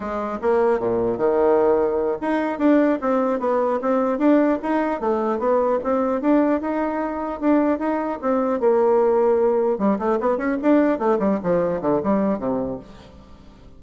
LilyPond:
\new Staff \with { instrumentName = "bassoon" } { \time 4/4 \tempo 4 = 150 gis4 ais4 ais,4 dis4~ | dis4. dis'4 d'4 c'8~ | c'8 b4 c'4 d'4 dis'8~ | dis'8 a4 b4 c'4 d'8~ |
d'8 dis'2 d'4 dis'8~ | dis'8 c'4 ais2~ ais8~ | ais8 g8 a8 b8 cis'8 d'4 a8 | g8 f4 d8 g4 c4 | }